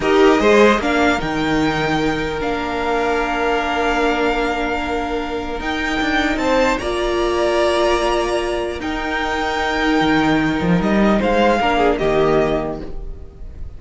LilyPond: <<
  \new Staff \with { instrumentName = "violin" } { \time 4/4 \tempo 4 = 150 dis''2 f''4 g''4~ | g''2 f''2~ | f''1~ | f''2 g''2 |
a''4 ais''2.~ | ais''2 g''2~ | g''2. dis''4 | f''2 dis''2 | }
  \new Staff \with { instrumentName = "violin" } { \time 4/4 ais'4 c''4 ais'2~ | ais'1~ | ais'1~ | ais'1 |
c''4 d''2.~ | d''2 ais'2~ | ais'1 | c''4 ais'8 gis'8 g'2 | }
  \new Staff \with { instrumentName = "viola" } { \time 4/4 g'4 gis'4 d'4 dis'4~ | dis'2 d'2~ | d'1~ | d'2 dis'2~ |
dis'4 f'2.~ | f'2 dis'2~ | dis'1~ | dis'4 d'4 ais2 | }
  \new Staff \with { instrumentName = "cello" } { \time 4/4 dis'4 gis4 ais4 dis4~ | dis2 ais2~ | ais1~ | ais2 dis'4 d'4 |
c'4 ais2.~ | ais2 dis'2~ | dis'4 dis4. f8 g4 | gis4 ais4 dis2 | }
>>